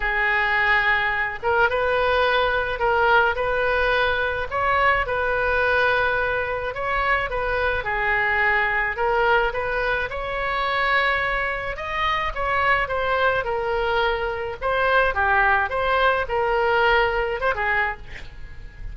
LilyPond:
\new Staff \with { instrumentName = "oboe" } { \time 4/4 \tempo 4 = 107 gis'2~ gis'8 ais'8 b'4~ | b'4 ais'4 b'2 | cis''4 b'2. | cis''4 b'4 gis'2 |
ais'4 b'4 cis''2~ | cis''4 dis''4 cis''4 c''4 | ais'2 c''4 g'4 | c''4 ais'2 c''16 gis'8. | }